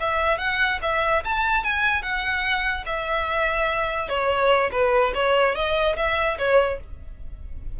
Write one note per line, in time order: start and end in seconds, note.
0.00 0.38 E5
0.38 0.79 F#5
0.82 1.23 E5
1.24 1.64 A5
1.64 2.02 G#5
2.02 2.85 F#5
2.86 4.09 E5
4.09 4.70 C#5
4.72 5.13 B4
5.14 5.55 C#5
5.55 5.96 D#5
5.97 6.38 E5
6.38 6.80 C#5